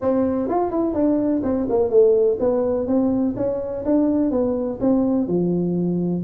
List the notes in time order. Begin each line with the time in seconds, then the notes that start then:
0.01 C4
0.48 F4
0.71 E4
0.94 D4
1.43 C4
1.69 A#3
1.90 A3
2.39 B3
2.87 C4
3.36 C#4
3.85 D4
4.31 B3
4.80 C4
5.27 F3